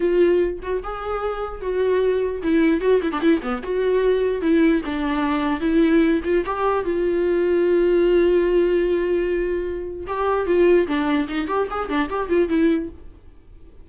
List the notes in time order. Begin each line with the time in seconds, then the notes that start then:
0.00 F4
0.62 F#4
0.83 G#4
1.61 F#4
2.42 E4
2.80 F#4
3.02 E4
3.12 D4
3.20 E4
3.42 B3
3.62 F#4
4.41 E4
4.85 D4
5.60 E4
6.24 F4
6.45 G4
6.84 F4
10.07 G4
10.46 F4
10.87 D4
11.28 D#4
11.47 G4
11.70 G#4
11.89 D4
12.09 G4
12.29 F4
12.48 E4